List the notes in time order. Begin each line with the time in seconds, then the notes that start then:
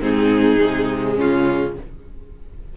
0.00 G#2 C4 D#4 G#4
0.61 C3 G#3
1.15 C#3 C#4 F4